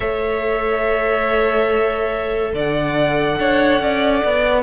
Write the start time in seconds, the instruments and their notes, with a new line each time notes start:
0.00 cello A3, viola A4, violin C#5 E5
2.53 cello D3, violin D5 F#5
3.38 cello D4, violin C#5
3.80 cello C#4, violin D5
4.24 cello B3